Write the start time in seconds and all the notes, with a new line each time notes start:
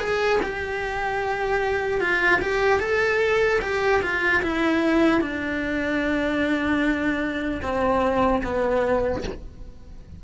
0.00 G#4
0.43 G4
2.01 F4
2.41 G4
2.80 A4
3.61 G4
4.02 F4
4.43 E4
5.21 D4
7.62 C4
8.44 B3